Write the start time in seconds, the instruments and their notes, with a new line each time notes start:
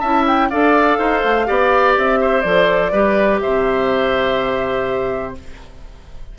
0.00 bassoon C#4, clarinet E4, oboe E5, flute A5
0.28 flute G5
0.50 bassoon D4, clarinet A4, oboe D5, flute F5
0.99 bassoon D#4, oboe C5
1.24 bassoon A3
1.46 bassoon B3, clarinet G4, oboe D5
1.98 bassoon C4, flute E5
2.21 oboe C5
2.41 bassoon F3, clarinet A4, flute D5
2.92 bassoon G3, clarinet G4, oboe B4
3.41 bassoon C3, oboe C5, flute E5